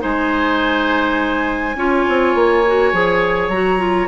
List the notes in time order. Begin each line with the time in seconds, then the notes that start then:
0.00 G#3 D#4 C5 G#5
1.76 C#4 F4 C#5
2.09 C4
2.35 A#3
2.67 F#4
2.93 F3 G#4
3.49 F#3 F#4 A#5
3.79 F4